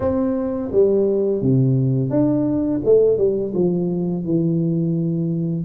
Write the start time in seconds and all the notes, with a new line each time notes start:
0.00 C4
0.71 G3
1.41 C3
2.10 D4
2.84 A3
3.17 G3
3.54 F3
4.24 E3